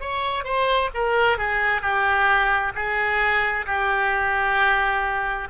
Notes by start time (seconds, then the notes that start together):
0.00 C#5
0.44 C5
0.94 A#4
1.38 G#4
1.81 G4
2.75 G#4
3.66 G4